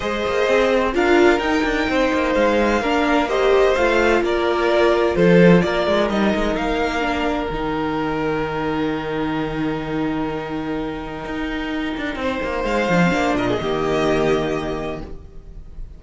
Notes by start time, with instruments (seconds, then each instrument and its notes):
0.00 cello G#3, viola G#4, violin C5 D#5
0.25 cello A#3
0.48 cello C4
0.93 cello D4, viola F4, violin A#4 F5
1.39 cello D#4, viola D#4, violin G5
1.63 cello D4
1.88 cello C4, violin C5
2.13 cello A#3
2.34 cello G#3, violin F5
2.81 cello A#3, viola D4, violin A#4
3.28 viola G4, violin C5 D#5
3.75 cello A3, viola F4, violin F5
4.21 cello A#3, violin A#4 D5
5.15 cello F3, violin A4 C5
5.61 cello A#3, violin A#4 D5
5.87 cello G#3
6.09 cello G3, viola D#4, violin D#5
6.35 cello G#3
6.55 cello A#3, violin F5
7.00 viola D4
7.49 cello D#3, viola D#4, violin G5
11.24 cello D#4
11.97 cello D4
12.15 cello C4, violin C5
12.43 cello A#3
12.64 cello G#3, violin F5
12.89 cello F3, viola D4
13.03 viola C4
13.11 cello A#3, viola D4
13.34 cello A#2, violin A#4 D#5
13.48 violin G#4
13.60 cello D#3, viola A#3, violin G4